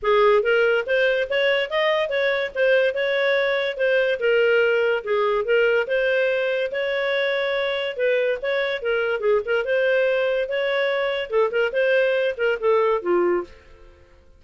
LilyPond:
\new Staff \with { instrumentName = "clarinet" } { \time 4/4 \tempo 4 = 143 gis'4 ais'4 c''4 cis''4 | dis''4 cis''4 c''4 cis''4~ | cis''4 c''4 ais'2 | gis'4 ais'4 c''2 |
cis''2. b'4 | cis''4 ais'4 gis'8 ais'8 c''4~ | c''4 cis''2 a'8 ais'8 | c''4. ais'8 a'4 f'4 | }